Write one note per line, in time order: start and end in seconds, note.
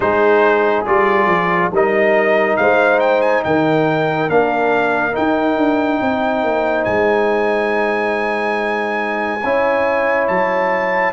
0.00 0.85 G#3
0.00 0.85 D#4
0.00 1.72 G#4
0.00 0.85 C5
0.86 1.26 G3
0.86 1.71 F4
0.86 1.71 D5
1.26 1.69 F3
1.71 2.57 G3
1.71 4.29 D#4
1.71 2.58 A#4
1.71 2.56 D#5
2.56 3.44 G#3
2.56 3.45 C5
2.56 2.99 F5
2.99 3.21 G5
3.21 3.42 G#5
3.44 4.29 D#3
3.44 6.01 A#4
3.44 4.29 G5
4.29 5.14 A#3
4.29 5.11 D4
4.29 5.15 F5
5.11 9.40 D#4
5.11 6.84 G5
5.17 5.57 D#4
5.57 6.00 D4
6.01 6.43 C4
6.01 9.42 C5
6.43 6.86 A#3
6.84 9.43 G#3
6.84 10.27 G#5
9.42 10.29 C#4
9.42 11.13 E4
9.42 11.13 C#5
10.27 11.13 F#3
10.27 11.13 A5